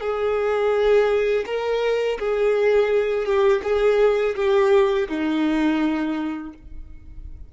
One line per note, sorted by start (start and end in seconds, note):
0.00 1.45 G#4
1.46 2.18 A#4
2.19 3.25 G#4
3.25 3.61 G4
3.63 4.35 G#4
4.35 5.07 G4
5.08 6.53 D#4